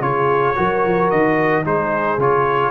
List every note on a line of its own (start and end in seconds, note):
0.00 0.54 C#3
0.00 0.55 F4
0.00 0.57 G#4
0.00 1.10 C#5
0.56 0.85 F#3
0.56 1.64 F#4
0.56 1.65 A#4
0.85 1.12 F3
1.10 1.65 D#3
1.10 1.64 D#5
1.64 2.17 G#3
1.64 2.18 D#4
1.64 2.71 G#4
1.64 2.20 C5
2.17 2.71 C#3
2.17 2.71 F4
2.17 2.71 C#5